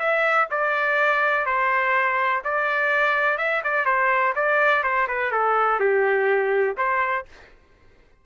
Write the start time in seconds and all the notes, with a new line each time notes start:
0.00 E5
0.51 D5
1.46 C5
2.45 D5
3.38 E5
3.64 D5
3.86 C5
4.36 D5
4.84 C5
5.08 B4
5.32 A4
5.80 G4
6.77 C5